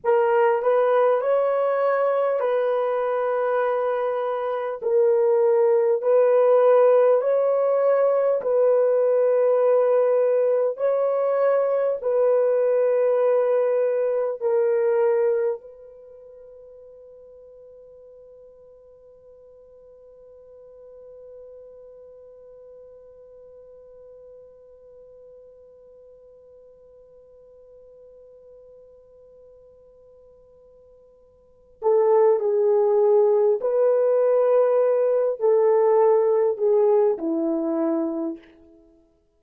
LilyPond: \new Staff \with { instrumentName = "horn" } { \time 4/4 \tempo 4 = 50 ais'8 b'8 cis''4 b'2 | ais'4 b'4 cis''4 b'4~ | b'4 cis''4 b'2 | ais'4 b'2.~ |
b'1~ | b'1~ | b'2~ b'8 a'8 gis'4 | b'4. a'4 gis'8 e'4 | }